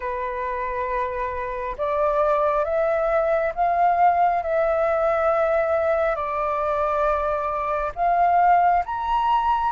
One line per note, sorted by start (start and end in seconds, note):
0.00 1.76 B4
1.77 2.64 D5
2.64 3.53 E5
3.55 4.42 F5
4.42 6.15 E5
6.15 7.92 D5
7.95 8.83 F5
8.85 9.71 A#5